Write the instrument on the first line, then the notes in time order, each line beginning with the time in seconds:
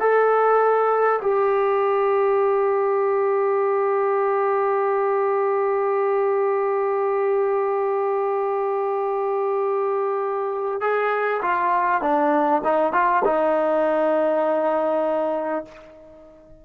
trombone
0.00 A4
1.22 G4
10.81 G#4
11.43 F4
12.02 D4
12.64 D#4
12.93 F4
13.25 D#4